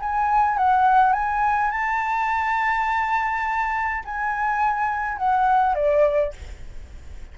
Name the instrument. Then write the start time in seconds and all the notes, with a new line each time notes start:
flute
0.00 G#5
0.58 F#5
1.13 G#5
1.71 A5
4.05 G#5
5.18 F#5
5.75 D5